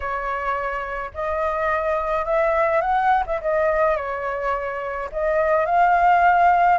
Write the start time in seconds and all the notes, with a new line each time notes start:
0.00 C#5
1.14 D#5
2.25 E5
2.81 F#5
3.26 E5
3.41 D#5
3.96 C#5
5.11 D#5
5.65 F5